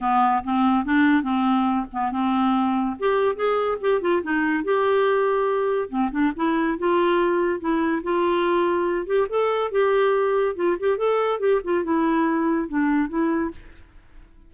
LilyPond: \new Staff \with { instrumentName = "clarinet" } { \time 4/4 \tempo 4 = 142 b4 c'4 d'4 c'4~ | c'8 b8 c'2 g'4 | gis'4 g'8 f'8 dis'4 g'4~ | g'2 c'8 d'8 e'4 |
f'2 e'4 f'4~ | f'4. g'8 a'4 g'4~ | g'4 f'8 g'8 a'4 g'8 f'8 | e'2 d'4 e'4 | }